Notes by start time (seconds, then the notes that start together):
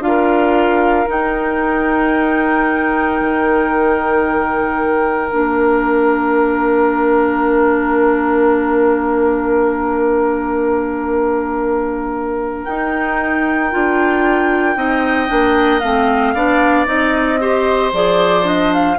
0.00 D4 F4 F5
0.07 A#4
1.06 D#4 G5
3.20 D#3
5.30 A#3 D4 F5
12.64 D#4 G5
13.71 D4 F4
14.75 C4 D#4 D#5
15.28 A#3 D4
15.80 A3 C4 F5
16.34 B3 D4 D5
16.86 C4 D#4 D#5
17.39 G4 C5
17.92 F3 G#4 D5
18.43 D4 D#5
18.73 F5